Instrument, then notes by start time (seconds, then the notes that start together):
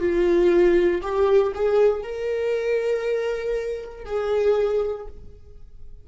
viola
0.00 F4
1.02 G4
1.55 G#4
2.03 A#4
4.05 G#4